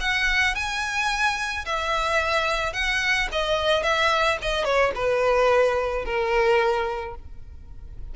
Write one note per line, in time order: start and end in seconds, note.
0.00 0.55 F#5
0.55 1.65 G#5
1.65 2.73 E5
2.73 3.28 F#5
3.32 3.83 D#5
3.83 4.38 E5
4.42 4.64 D#5
4.64 4.92 C#5
4.95 6.05 B4
6.05 7.15 A#4